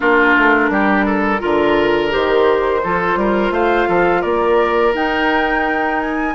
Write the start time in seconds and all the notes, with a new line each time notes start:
0.00 A#3 D4 F4 A#4
0.36 A3
0.69 G3 G4
1.05 A4
1.39 D3 F4 A#4
2.10 D#3 G4 C5
2.83 F3 F4 A4
3.16 G3 A#4
3.50 A3 C5 F5
3.88 F3 A4
4.21 A#3 A#4 D5
4.93 D#4 G5
6.00 G#5